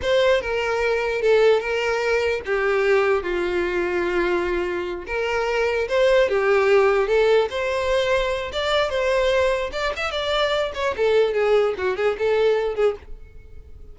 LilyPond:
\new Staff \with { instrumentName = "violin" } { \time 4/4 \tempo 4 = 148 c''4 ais'2 a'4 | ais'2 g'2 | f'1~ | f'8 ais'2 c''4 g'8~ |
g'4. a'4 c''4.~ | c''4 d''4 c''2 | d''8 e''8 d''4. cis''8 a'4 | gis'4 fis'8 gis'8 a'4. gis'8 | }